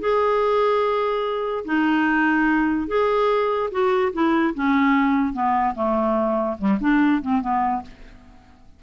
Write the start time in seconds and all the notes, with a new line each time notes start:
0.00 G#4
1.65 D#4
2.87 G#4
3.71 F#4
4.13 E4
4.54 C#4
5.33 B3
5.75 A3
6.58 G3
6.80 D4
7.21 C4
7.41 B3